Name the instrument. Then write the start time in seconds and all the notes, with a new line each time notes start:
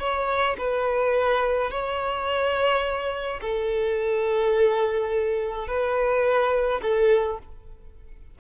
violin
0.00 C#5
0.58 B4
1.71 C#5
3.41 A4
5.68 B4
6.82 A4